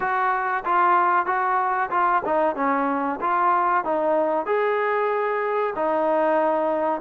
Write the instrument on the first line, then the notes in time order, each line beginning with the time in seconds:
trombone
0.00 F#4
0.64 F4
1.26 F#4
1.90 F4
2.25 D#4
2.55 C#4
3.21 F4
3.84 D#4
4.46 G#4
5.75 D#4